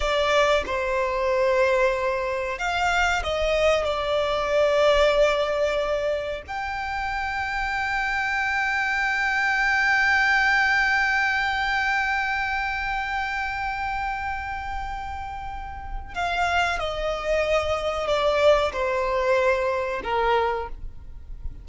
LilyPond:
\new Staff \with { instrumentName = "violin" } { \time 4/4 \tempo 4 = 93 d''4 c''2. | f''4 dis''4 d''2~ | d''2 g''2~ | g''1~ |
g''1~ | g''1~ | g''4 f''4 dis''2 | d''4 c''2 ais'4 | }